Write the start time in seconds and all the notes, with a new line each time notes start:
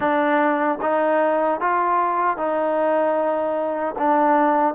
0.00 D4
0.81 D#4
1.60 F4
2.37 D#4
3.98 D4